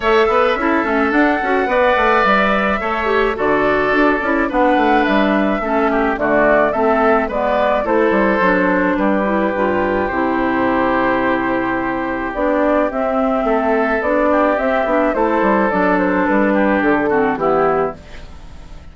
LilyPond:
<<
  \new Staff \with { instrumentName = "flute" } { \time 4/4 \tempo 4 = 107 e''2 fis''2 | e''2 d''2 | fis''4 e''2 d''4 | e''4 d''4 c''2 |
b'2 c''2~ | c''2 d''4 e''4~ | e''4 d''4 e''4 c''4 | d''8 c''8 b'4 a'4 g'4 | }
  \new Staff \with { instrumentName = "oboe" } { \time 4/4 cis''8 b'8 a'2 d''4~ | d''4 cis''4 a'2 | b'2 a'8 g'8 fis'4 | a'4 b'4 a'2 |
g'1~ | g'1 | a'4. g'4. a'4~ | a'4. g'4 fis'8 e'4 | }
  \new Staff \with { instrumentName = "clarinet" } { \time 4/4 a'4 e'8 cis'8 d'8 fis'8 b'4~ | b'4 a'8 g'8 fis'4. e'8 | d'2 cis'4 a4 | c'4 b4 e'4 d'4~ |
d'8 e'8 f'4 e'2~ | e'2 d'4 c'4~ | c'4 d'4 c'8 d'8 e'4 | d'2~ d'8 c'8 b4 | }
  \new Staff \with { instrumentName = "bassoon" } { \time 4/4 a8 b8 cis'8 a8 d'8 cis'8 b8 a8 | g4 a4 d4 d'8 cis'8 | b8 a8 g4 a4 d4 | a4 gis4 a8 g8 fis4 |
g4 g,4 c2~ | c2 b4 c'4 | a4 b4 c'8 b8 a8 g8 | fis4 g4 d4 e4 | }
>>